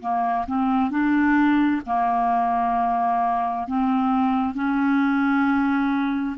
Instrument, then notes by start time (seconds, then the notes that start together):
clarinet
0.00 A#3
0.47 C4
0.90 D4
1.86 A#3
3.67 C4
4.54 C#4